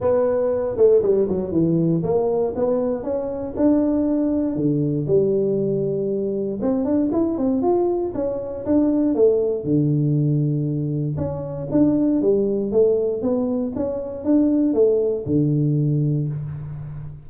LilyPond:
\new Staff \with { instrumentName = "tuba" } { \time 4/4 \tempo 4 = 118 b4. a8 g8 fis8 e4 | ais4 b4 cis'4 d'4~ | d'4 d4 g2~ | g4 c'8 d'8 e'8 c'8 f'4 |
cis'4 d'4 a4 d4~ | d2 cis'4 d'4 | g4 a4 b4 cis'4 | d'4 a4 d2 | }